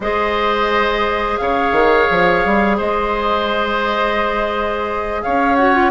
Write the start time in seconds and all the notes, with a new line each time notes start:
0.00 G#3 G#4 C5 D#5
1.37 C#3 C#5 F5
1.72 D#3
2.10 F3
2.45 G3
2.77 G#3 C5 D#5
5.22 C#4 C#5 F5
5.55 F#4 F#5
5.74 F4